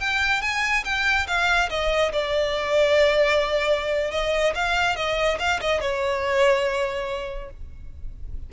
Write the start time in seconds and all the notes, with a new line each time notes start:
0.00 G5
0.42 G#5
0.84 G5
1.27 F5
1.69 D#5
2.12 D5
4.11 D#5
4.55 F5
4.96 D#5
5.39 F5
5.61 D#5
5.81 C#5